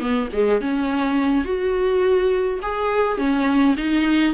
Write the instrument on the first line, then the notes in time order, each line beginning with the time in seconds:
viola
0.00 B3
0.33 G#3
0.61 C#4
1.45 F#4
2.62 G#4
3.18 C#4
3.77 D#4